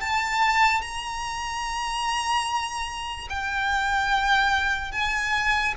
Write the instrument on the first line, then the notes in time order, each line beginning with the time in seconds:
violin
0.00 A5
0.81 A#5
3.29 G5
4.92 G#5